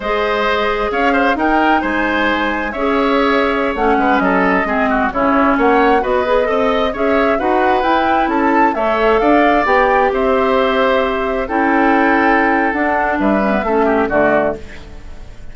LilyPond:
<<
  \new Staff \with { instrumentName = "flute" } { \time 4/4 \tempo 4 = 132 dis''2 f''4 g''4 | gis''2 e''2~ | e''16 fis''4 dis''2 cis''8.~ | cis''16 fis''4 dis''2 e''8.~ |
e''16 fis''4 g''4 a''4 e''8.~ | e''16 f''4 g''4 e''4.~ e''16~ | e''4~ e''16 g''2~ g''8. | fis''4 e''2 d''4 | }
  \new Staff \with { instrumentName = "oboe" } { \time 4/4 c''2 cis''8 c''8 ais'4 | c''2 cis''2~ | cis''8. b'8 a'4 gis'8 fis'8 e'8.~ | e'16 cis''4 b'4 dis''4 cis''8.~ |
cis''16 b'2 a'4 cis''8.~ | cis''16 d''2 c''4.~ c''16~ | c''4~ c''16 a'2~ a'8.~ | a'4 b'4 a'8 g'8 fis'4 | }
  \new Staff \with { instrumentName = "clarinet" } { \time 4/4 gis'2. dis'4~ | dis'2 gis'2~ | gis'16 cis'2 c'4 cis'8.~ | cis'4~ cis'16 fis'8 gis'8 a'4 gis'8.~ |
gis'16 fis'4 e'2 a'8.~ | a'4~ a'16 g'2~ g'8.~ | g'4~ g'16 e'2~ e'8. | d'4. cis'16 b16 cis'4 a4 | }
  \new Staff \with { instrumentName = "bassoon" } { \time 4/4 gis2 cis'4 dis'4 | gis2 cis'2~ | cis'16 a8 gis8 fis4 gis4 cis8.~ | cis16 ais4 b4 c'4 cis'8.~ |
cis'16 dis'4 e'4 cis'4 a8.~ | a16 d'4 b4 c'4.~ c'16~ | c'4~ c'16 cis'2~ cis'8. | d'4 g4 a4 d4 | }
>>